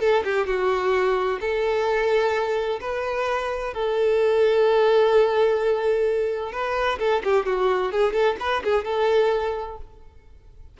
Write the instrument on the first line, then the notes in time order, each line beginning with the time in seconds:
violin
0.00 A4
0.24 G4
0.47 F#4
1.41 A4
2.81 B4
3.74 A4
6.52 B4
6.99 A4
7.24 G4
7.46 F#4
7.92 G#4
8.13 A4
8.40 B4
8.64 G#4
8.85 A4